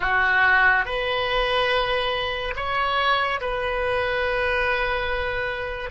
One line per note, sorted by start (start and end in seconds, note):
0.00 0.85 F#4
0.85 2.54 B4
2.55 3.40 C#5
3.40 5.90 B4